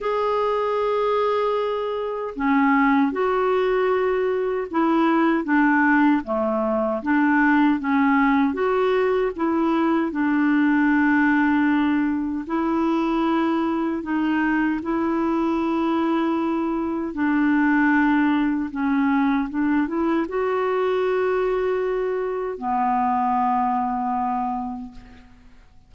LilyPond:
\new Staff \with { instrumentName = "clarinet" } { \time 4/4 \tempo 4 = 77 gis'2. cis'4 | fis'2 e'4 d'4 | a4 d'4 cis'4 fis'4 | e'4 d'2. |
e'2 dis'4 e'4~ | e'2 d'2 | cis'4 d'8 e'8 fis'2~ | fis'4 b2. | }